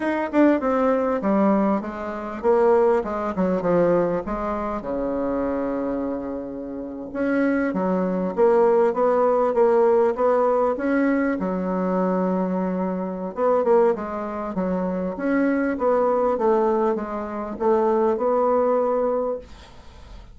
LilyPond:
\new Staff \with { instrumentName = "bassoon" } { \time 4/4 \tempo 4 = 99 dis'8 d'8 c'4 g4 gis4 | ais4 gis8 fis8 f4 gis4 | cis2.~ cis8. cis'16~ | cis'8. fis4 ais4 b4 ais16~ |
ais8. b4 cis'4 fis4~ fis16~ | fis2 b8 ais8 gis4 | fis4 cis'4 b4 a4 | gis4 a4 b2 | }